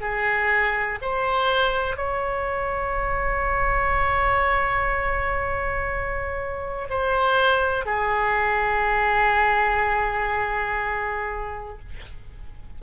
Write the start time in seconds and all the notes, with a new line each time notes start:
0.00 G#4
1.01 C5
1.96 C#5
6.89 C5
7.85 G#4